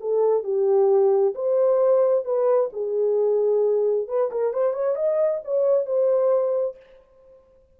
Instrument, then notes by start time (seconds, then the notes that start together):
horn
0.00 A4
0.43 G4
1.35 C5
2.24 B4
2.73 G#4
4.08 B4
4.31 A#4
4.53 C5
4.73 C#5
4.95 D#5
5.44 C#5
5.86 C5